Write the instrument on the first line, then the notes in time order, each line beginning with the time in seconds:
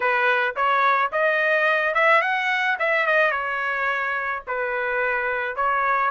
trumpet
0.00 B4
0.56 C#5
1.12 D#5
1.94 E5
2.21 F#5
2.79 E5
3.06 D#5
3.31 C#5
4.47 B4
5.56 C#5